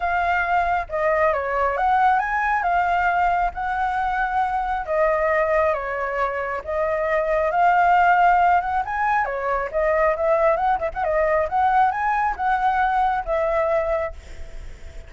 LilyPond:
\new Staff \with { instrumentName = "flute" } { \time 4/4 \tempo 4 = 136 f''2 dis''4 cis''4 | fis''4 gis''4 f''2 | fis''2. dis''4~ | dis''4 cis''2 dis''4~ |
dis''4 f''2~ f''8 fis''8 | gis''4 cis''4 dis''4 e''4 | fis''8 e''16 fis''16 dis''4 fis''4 gis''4 | fis''2 e''2 | }